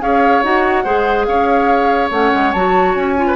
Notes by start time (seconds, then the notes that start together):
0.00 C#4 G#4 C#5 F5
0.43 D#4 F#4 F#5
0.84 G#3 G#4 C5
1.24 C#4 C#5 F5
2.10 A3 C#4 F#5
2.34 G#3
2.51 F#3 F#4 A5
2.94 C#4 G#5
3.17 F4
3.26 B4